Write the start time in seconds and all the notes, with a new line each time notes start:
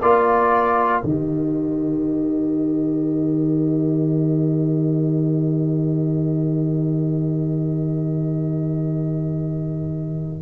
0.00 A#3 F4 A#4 D5
1.01 D#3 G4 D#5